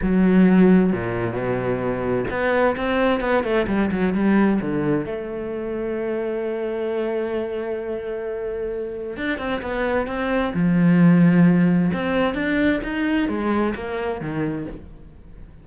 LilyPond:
\new Staff \with { instrumentName = "cello" } { \time 4/4 \tempo 4 = 131 fis2 ais,4 b,4~ | b,4 b4 c'4 b8 a8 | g8 fis8 g4 d4 a4~ | a1~ |
a1 | d'8 c'8 b4 c'4 f4~ | f2 c'4 d'4 | dis'4 gis4 ais4 dis4 | }